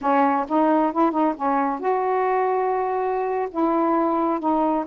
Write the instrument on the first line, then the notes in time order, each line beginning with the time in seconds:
saxophone
0.01 C#4
0.48 D#4
0.92 E4
1.11 D#4
1.36 C#4
1.79 F#4
3.51 E4
4.39 D#4